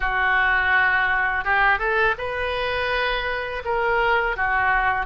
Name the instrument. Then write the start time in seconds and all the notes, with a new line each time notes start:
oboe
0.00 F#4
1.44 G4
1.78 A4
2.18 B4
3.64 A#4
4.36 F#4